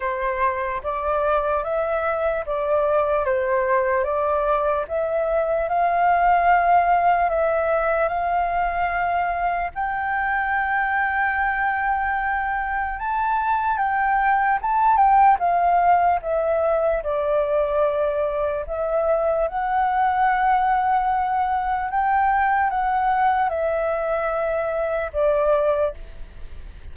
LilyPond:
\new Staff \with { instrumentName = "flute" } { \time 4/4 \tempo 4 = 74 c''4 d''4 e''4 d''4 | c''4 d''4 e''4 f''4~ | f''4 e''4 f''2 | g''1 |
a''4 g''4 a''8 g''8 f''4 | e''4 d''2 e''4 | fis''2. g''4 | fis''4 e''2 d''4 | }